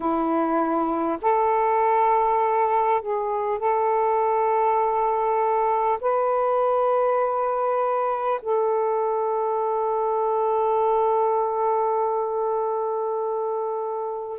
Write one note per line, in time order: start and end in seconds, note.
0.00 1.18 E4
1.21 3.01 A4
3.01 3.58 G#4
3.58 5.98 A4
6.01 8.41 B4
8.42 14.39 A4